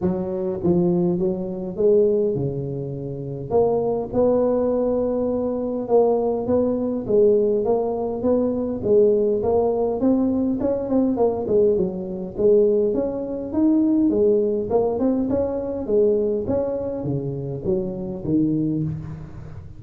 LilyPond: \new Staff \with { instrumentName = "tuba" } { \time 4/4 \tempo 4 = 102 fis4 f4 fis4 gis4 | cis2 ais4 b4~ | b2 ais4 b4 | gis4 ais4 b4 gis4 |
ais4 c'4 cis'8 c'8 ais8 gis8 | fis4 gis4 cis'4 dis'4 | gis4 ais8 c'8 cis'4 gis4 | cis'4 cis4 fis4 dis4 | }